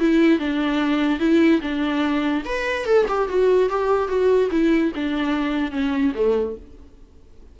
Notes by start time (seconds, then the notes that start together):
0.00 E4
0.39 D4
1.20 E4
1.62 D4
2.45 B4
2.86 A4
3.09 G4
3.29 F#4
3.70 G4
4.09 F#4
4.51 E4
4.95 D4
5.72 C#4
6.15 A3